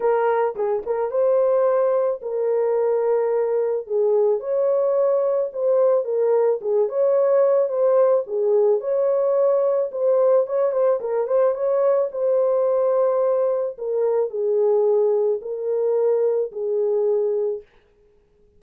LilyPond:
\new Staff \with { instrumentName = "horn" } { \time 4/4 \tempo 4 = 109 ais'4 gis'8 ais'8 c''2 | ais'2. gis'4 | cis''2 c''4 ais'4 | gis'8 cis''4. c''4 gis'4 |
cis''2 c''4 cis''8 c''8 | ais'8 c''8 cis''4 c''2~ | c''4 ais'4 gis'2 | ais'2 gis'2 | }